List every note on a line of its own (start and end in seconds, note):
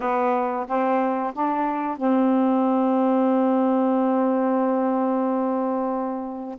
0.00 0.66 B3
0.67 1.33 C4
1.33 1.97 D4
1.97 6.58 C4